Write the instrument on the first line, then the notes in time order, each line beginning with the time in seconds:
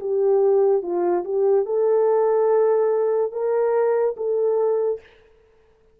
horn
0.00 G4
0.82 F4
1.24 G4
1.66 A4
3.32 A#4
4.17 A4